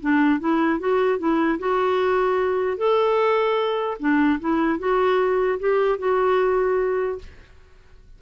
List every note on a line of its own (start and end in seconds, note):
0.00 0.40 D4
0.40 0.79 E4
0.79 1.18 F#4
1.18 1.58 E4
1.59 2.77 F#4
2.77 3.97 A4
3.99 4.39 D4
4.40 4.79 E4
4.79 5.59 F#4
5.59 5.98 G4
5.98 7.18 F#4